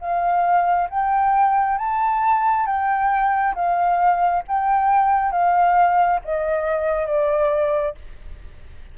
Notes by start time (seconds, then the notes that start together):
0.00 F5
0.89 G5
1.78 A5
2.66 G5
3.55 F5
4.47 G5
5.31 F5
6.24 D#5
7.06 D5